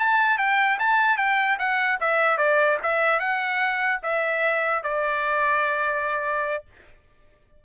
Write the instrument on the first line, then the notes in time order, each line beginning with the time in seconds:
trumpet
0.00 A5
0.38 G5
0.80 A5
1.18 G5
1.59 F#5
2.01 E5
2.38 D5
2.83 E5
3.20 F#5
4.03 E5
4.84 D5